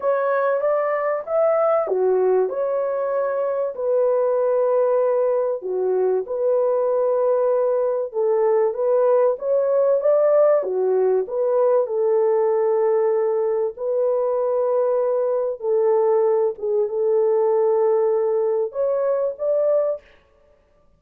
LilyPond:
\new Staff \with { instrumentName = "horn" } { \time 4/4 \tempo 4 = 96 cis''4 d''4 e''4 fis'4 | cis''2 b'2~ | b'4 fis'4 b'2~ | b'4 a'4 b'4 cis''4 |
d''4 fis'4 b'4 a'4~ | a'2 b'2~ | b'4 a'4. gis'8 a'4~ | a'2 cis''4 d''4 | }